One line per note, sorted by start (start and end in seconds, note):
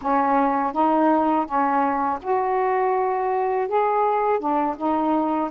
0.01 0.73 C#4
0.73 1.46 D#4
1.46 2.19 C#4
2.22 3.68 F#4
3.68 4.39 G#4
4.39 4.76 D4
4.77 5.50 D#4